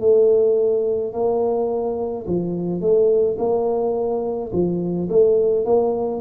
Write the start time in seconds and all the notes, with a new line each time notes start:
0.00 A3
1.13 A#3
2.27 F3
2.81 A3
3.39 A#3
4.52 F3
5.09 A3
5.66 A#3